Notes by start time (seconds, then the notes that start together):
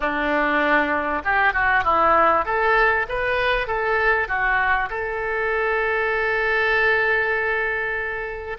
0.00 D4
1.24 G4
1.53 F#4
1.84 E4
2.45 A4
3.08 B4
3.67 A4
4.27 F#4
4.90 A4